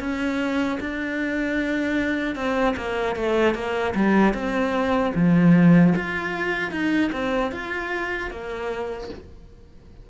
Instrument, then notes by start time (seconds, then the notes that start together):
cello
0.00 C#4
0.80 D4
2.36 C4
2.77 A#3
3.16 A3
3.55 A#3
3.95 G3
4.34 C4
5.15 F3
5.96 F4
6.71 D#4
7.13 C4
7.52 F4
8.31 A#3